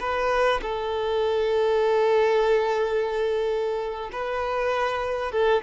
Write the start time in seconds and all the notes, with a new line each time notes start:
0.00 B4
0.62 A4
4.12 B4
5.32 A4